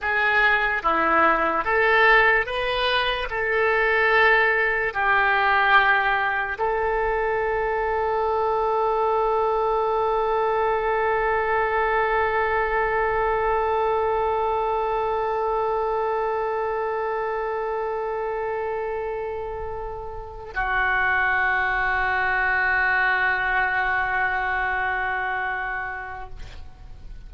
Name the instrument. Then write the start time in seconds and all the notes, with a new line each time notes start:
oboe
0.01 G#4
0.82 E4
1.64 A4
2.45 B4
3.30 A4
4.93 G4
6.58 A4
20.54 F#4